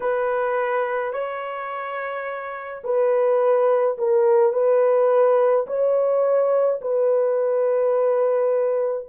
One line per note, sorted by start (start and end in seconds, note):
0.00 1.12 B4
1.12 2.82 C#5
2.84 3.97 B4
3.97 4.53 A#4
4.53 5.66 B4
5.66 6.79 C#5
6.81 9.07 B4